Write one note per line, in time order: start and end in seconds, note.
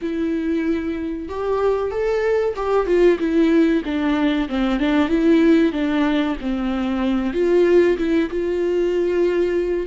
0.01 1.28 E4
1.28 1.90 G4
1.90 2.54 A4
2.56 2.86 G4
2.86 3.18 F4
3.19 3.83 E4
3.84 4.48 D4
4.49 4.79 C4
4.79 5.08 D4
5.08 5.72 E4
5.72 6.36 D4
6.41 7.33 C4
7.33 7.97 F4
7.97 8.29 E4
8.29 9.86 F4